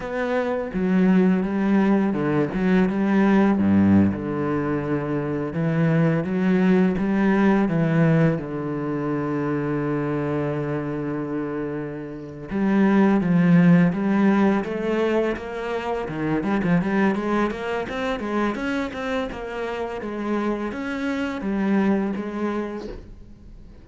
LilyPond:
\new Staff \with { instrumentName = "cello" } { \time 4/4 \tempo 4 = 84 b4 fis4 g4 d8 fis8 | g4 g,8. d2 e16~ | e8. fis4 g4 e4 d16~ | d1~ |
d4. g4 f4 g8~ | g8 a4 ais4 dis8 g16 f16 g8 | gis8 ais8 c'8 gis8 cis'8 c'8 ais4 | gis4 cis'4 g4 gis4 | }